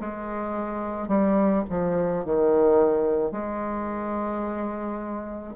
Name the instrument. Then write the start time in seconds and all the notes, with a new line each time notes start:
bassoon
0.00 G#3
1.08 G3
1.69 F3
2.25 D#3
3.31 G#3